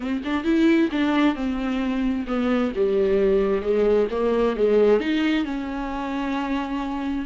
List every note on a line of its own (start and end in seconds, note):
0.00 0.22 C4
0.24 0.44 D4
0.44 0.89 E4
0.91 1.35 D4
1.35 2.26 C4
2.27 2.72 B3
2.75 3.62 G3
3.62 4.07 G#3
4.10 4.56 A#3
4.56 5.00 G#3
5.00 5.44 D#4
5.44 7.25 C#4